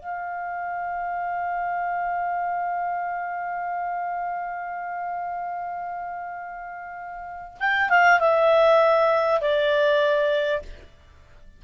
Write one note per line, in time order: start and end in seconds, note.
0.00 7.58 F5
7.60 7.90 G5
7.90 8.20 F5
8.20 9.41 E5
9.41 10.62 D5